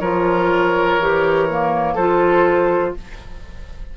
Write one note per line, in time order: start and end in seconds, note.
0.00 0.98 F3
0.00 1.01 F4
0.00 1.94 A#4
0.00 1.96 C#5
0.98 1.96 E3
0.98 1.49 G4
1.49 1.99 A#3
1.94 2.95 F3
1.94 2.97 F4
1.94 2.93 A4
1.94 2.94 C5